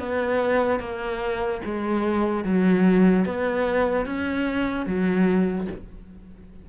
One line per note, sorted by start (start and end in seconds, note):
0.00 0.80 B3
0.80 1.61 A#3
1.65 2.45 G#3
2.45 3.26 F#3
3.26 4.06 B3
4.06 4.86 C#4
4.86 5.68 F#3